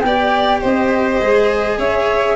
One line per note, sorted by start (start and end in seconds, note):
0.00 0.62 B3
0.00 0.61 D5
0.00 0.58 G5
0.06 1.22 G4
0.61 1.21 C4
0.61 1.77 C5
0.61 1.79 D#5
1.21 1.78 G#3
1.21 2.36 G#4
1.78 2.36 C#4
1.78 2.36 C#5
1.78 2.36 E5